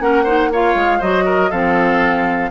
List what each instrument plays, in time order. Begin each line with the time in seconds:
0.00 bassoon A#3, clarinet C#4, oboe A#4, flute F#5
0.24 clarinet D#4, oboe C5
0.53 clarinet F4, oboe C#5, flute F5
0.75 bassoon G#3
0.99 bassoon F#3, clarinet F#4, oboe C5, flute D#5
1.26 oboe A#4
1.51 bassoon F3, clarinet C4, oboe A4, flute F5